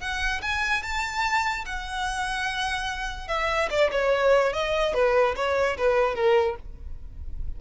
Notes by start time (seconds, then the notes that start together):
0.00 F#5
0.42 G#5
0.83 A5
1.65 F#5
3.28 E5
3.70 D5
3.91 C#5
4.53 D#5
4.94 B4
5.36 C#5
5.77 B4
6.15 A#4